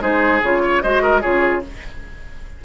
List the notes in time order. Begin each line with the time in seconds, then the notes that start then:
0.00 G#3 D#4 G#4 C5
0.42 C#3 F4 C#5
0.62 C#5
0.82 G#3 F#4 C5 D#5
1.02 A#4
1.21 C#3 F4 G#4 C#5